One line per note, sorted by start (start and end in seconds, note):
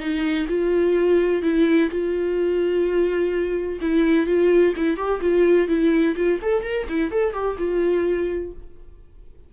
0.00 0.47 D#4
0.49 1.43 F4
1.43 1.90 E4
1.91 3.80 F4
3.81 4.27 E4
4.27 4.74 F4
4.77 4.97 E4
4.97 5.21 G4
5.21 5.68 F4
5.68 6.16 E4
6.16 6.40 F4
6.42 6.64 A4
6.64 6.87 A#4
6.89 7.11 E4
7.11 7.34 A4
7.34 7.57 G4
7.58 8.53 F4